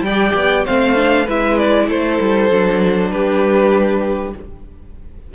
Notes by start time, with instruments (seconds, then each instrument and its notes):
0.00 cello G3, violin D5 G5
0.07 viola G4
0.35 cello B3
0.65 cello A3, viola C4, violin C5 F5
0.95 viola D4
1.25 cello G#3, viola E4, violin B4 E5
1.58 violin D5
1.88 cello A3, violin A4 C5
2.20 cello G3
2.50 cello F#3, viola D4
3.11 cello G3, violin G4 B4